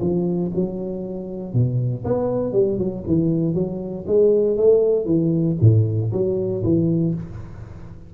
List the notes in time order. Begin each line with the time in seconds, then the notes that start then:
0.00 F3
0.55 F#3
1.53 B2
2.04 B3
2.52 G3
2.78 F#3
3.06 E3
3.54 F#3
4.07 G#3
4.56 A3
5.05 E3
5.60 A2
6.12 F#3
6.63 E3